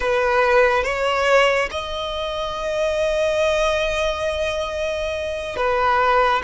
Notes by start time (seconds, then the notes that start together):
0.00 B4
0.83 C#5
1.70 D#5
5.56 B4